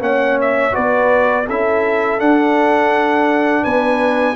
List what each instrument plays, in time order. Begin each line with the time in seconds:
0.00 tuba A#3, trombone C#4, horn C#5, trumpet F#5
0.41 trumpet E5
0.72 tuba B3, trombone F#4, horn B4, trumpet D5
1.47 tuba C#4, trombone E4, horn A4, trumpet E5
2.19 trombone D4, tuba D4, trumpet F#5
3.64 tuba B3, horn B4, trumpet G#5